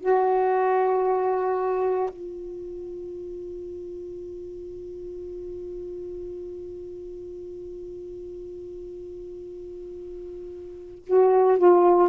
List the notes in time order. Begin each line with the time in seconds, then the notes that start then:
0.00 F#4
2.10 F4
11.06 F#4
11.58 F4